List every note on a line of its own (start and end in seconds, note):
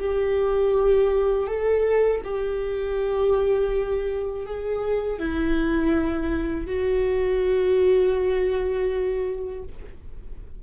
0.00 1.47 G4
1.47 2.22 A4
2.25 4.46 G4
4.46 5.20 G#4
5.20 6.67 E4
6.67 9.63 F#4